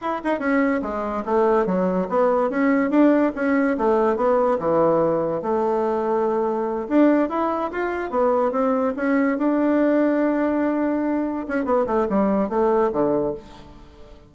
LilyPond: \new Staff \with { instrumentName = "bassoon" } { \time 4/4 \tempo 4 = 144 e'8 dis'8 cis'4 gis4 a4 | fis4 b4 cis'4 d'4 | cis'4 a4 b4 e4~ | e4 a2.~ |
a8 d'4 e'4 f'4 b8~ | b8 c'4 cis'4 d'4.~ | d'2.~ d'8 cis'8 | b8 a8 g4 a4 d4 | }